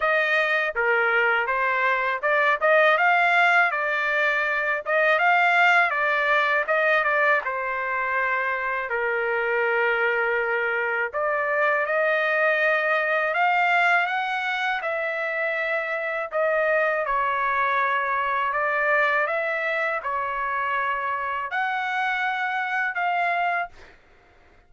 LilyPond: \new Staff \with { instrumentName = "trumpet" } { \time 4/4 \tempo 4 = 81 dis''4 ais'4 c''4 d''8 dis''8 | f''4 d''4. dis''8 f''4 | d''4 dis''8 d''8 c''2 | ais'2. d''4 |
dis''2 f''4 fis''4 | e''2 dis''4 cis''4~ | cis''4 d''4 e''4 cis''4~ | cis''4 fis''2 f''4 | }